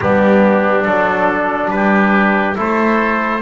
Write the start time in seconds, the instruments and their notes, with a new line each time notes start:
0.00 double bass G3, trombone B3, oboe D4, trumpet G4
0.84 double bass F#3, trombone D4, trumpet A4
1.70 double bass G3, oboe G4, trumpet B4
2.55 double bass A3, trombone E4, oboe A4, trumpet C5